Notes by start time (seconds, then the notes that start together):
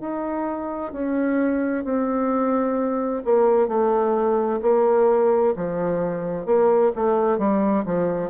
0.00 D#4
0.92 C#4
1.84 C4
3.24 A#3
3.67 A3
4.62 A#3
5.56 F3
6.45 A#3
6.95 A3
7.38 G3
7.85 F3